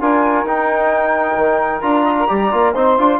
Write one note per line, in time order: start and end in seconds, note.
0.00 0.44 D4
0.00 0.46 F4
0.00 2.03 A#4
0.00 0.47 G#5
0.44 1.35 D#4
0.44 1.82 D#4
0.44 1.81 G5
1.37 1.82 D#3
1.81 2.28 D4
1.81 2.28 F4
1.81 2.72 A#5
2.03 2.15 D#5
2.20 2.28 A#4
2.28 2.53 G3
2.28 2.51 G4
2.28 2.73 D5
2.51 2.75 A#3
2.51 2.74 F4
2.73 2.98 C4
2.73 2.98 D#4
2.73 3.19 C5
2.73 3.20 C6
2.98 3.20 D4
2.98 3.20 F4